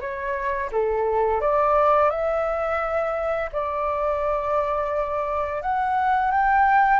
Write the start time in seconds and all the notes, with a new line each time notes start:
0.00 C#5
0.72 A4
1.40 D5
2.10 E5
3.52 D5
5.62 F#5
6.31 G5